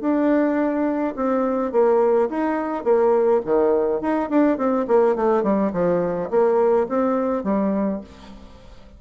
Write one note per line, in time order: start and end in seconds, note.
0.00 1.14 D4
1.16 1.72 C4
1.72 2.29 A#3
2.29 2.84 D#4
2.84 3.41 A#3
3.45 4.01 D#3
4.01 4.29 D#4
4.29 4.57 D4
4.57 4.86 C4
4.88 5.16 A#3
5.16 5.43 A3
5.43 5.72 G3
5.73 6.30 F3
6.30 6.87 A#3
6.89 7.44 C4
7.44 8.01 G3